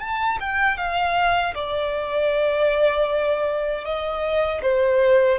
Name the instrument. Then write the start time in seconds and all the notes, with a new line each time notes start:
violin
0.00 A5
0.41 G5
0.78 F5
1.55 D5
3.85 D#5
4.63 C5